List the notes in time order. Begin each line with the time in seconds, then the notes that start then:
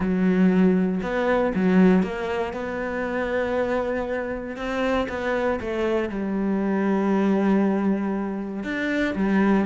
0.00 F#3
1.02 B3
1.54 F#3
2.02 A#3
2.53 B3
4.56 C4
5.08 B3
5.60 A3
6.09 G3
8.63 D4
9.15 G3